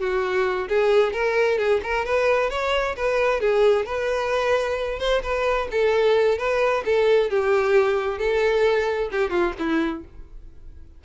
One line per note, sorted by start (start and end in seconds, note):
0.00 0.68 F#4
0.68 1.13 G#4
1.13 1.58 A#4
1.58 1.81 G#4
1.83 2.05 A#4
2.05 2.50 B4
2.50 2.96 C#5
2.97 3.40 B4
3.40 3.86 G#4
3.86 4.99 B4
4.99 5.22 C5
5.23 5.68 B4
5.71 6.38 A4
6.38 6.84 B4
6.85 7.30 A4
7.30 8.19 G4
8.19 9.10 A4
9.12 9.30 G4
9.30 9.53 F4
9.59 10.04 E4